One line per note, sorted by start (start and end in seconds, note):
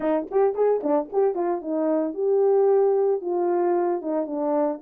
0.00 0.27 D#4
0.30 0.55 G4
0.55 0.81 G#4
0.83 1.10 D4
1.12 1.34 G4
1.34 1.61 F4
1.61 2.14 D#4
2.14 3.21 G4
3.21 4.01 F4
4.01 4.26 D#4
4.26 4.79 D4